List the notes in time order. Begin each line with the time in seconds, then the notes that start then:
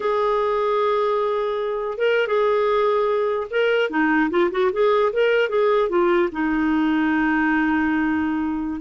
0.00 G#4
1.97 A#4
2.27 G#4
3.50 A#4
3.90 D#4
4.30 F4
4.51 F#4
4.72 G#4
5.12 A#4
5.49 G#4
5.89 F4
6.31 D#4